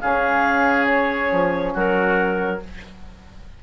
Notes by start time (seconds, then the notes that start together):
0.00 C#3 C#4 G#4 F5
0.86 C#5
1.32 F3
1.74 F#3 F#4 A#4